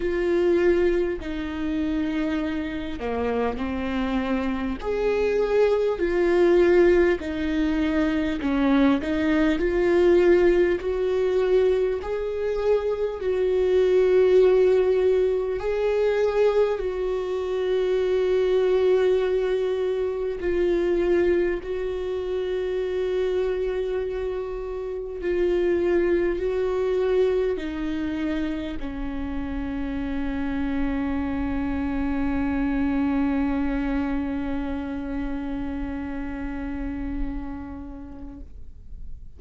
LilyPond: \new Staff \with { instrumentName = "viola" } { \time 4/4 \tempo 4 = 50 f'4 dis'4. ais8 c'4 | gis'4 f'4 dis'4 cis'8 dis'8 | f'4 fis'4 gis'4 fis'4~ | fis'4 gis'4 fis'2~ |
fis'4 f'4 fis'2~ | fis'4 f'4 fis'4 dis'4 | cis'1~ | cis'1 | }